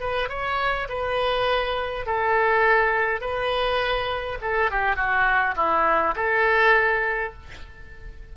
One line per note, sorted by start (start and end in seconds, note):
0.00 0.29 B4
0.29 0.88 C#5
0.89 2.06 B4
2.06 3.21 A4
3.21 4.39 B4
4.41 4.71 A4
4.71 4.96 G4
4.96 5.55 F#4
5.56 6.15 E4
6.16 7.33 A4